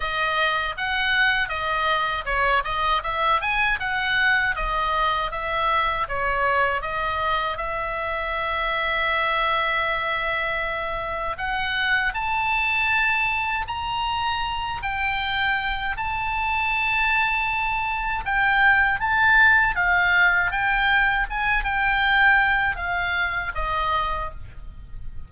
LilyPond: \new Staff \with { instrumentName = "oboe" } { \time 4/4 \tempo 4 = 79 dis''4 fis''4 dis''4 cis''8 dis''8 | e''8 gis''8 fis''4 dis''4 e''4 | cis''4 dis''4 e''2~ | e''2. fis''4 |
a''2 ais''4. g''8~ | g''4 a''2. | g''4 a''4 f''4 g''4 | gis''8 g''4. f''4 dis''4 | }